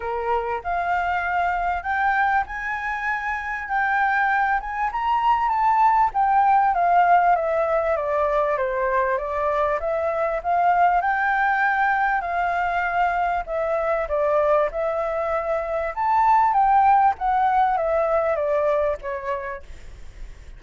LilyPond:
\new Staff \with { instrumentName = "flute" } { \time 4/4 \tempo 4 = 98 ais'4 f''2 g''4 | gis''2 g''4. gis''8 | ais''4 a''4 g''4 f''4 | e''4 d''4 c''4 d''4 |
e''4 f''4 g''2 | f''2 e''4 d''4 | e''2 a''4 g''4 | fis''4 e''4 d''4 cis''4 | }